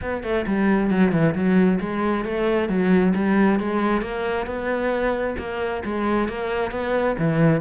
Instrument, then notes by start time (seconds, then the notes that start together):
cello
0.01 B3
0.23 A3
0.46 G3
0.90 F#3
1.12 E3
1.34 F#3
1.80 G#3
2.24 A3
2.69 F#3
3.14 G3
3.59 G#3
4.01 A#3
4.46 B3
5.38 A#3
5.85 G#3
6.28 A#3
6.71 B3
7.18 E3